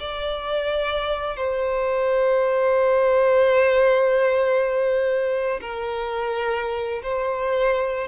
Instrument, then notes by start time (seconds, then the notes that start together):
violin
0.00 D5
1.37 C5
5.61 A#4
7.03 C5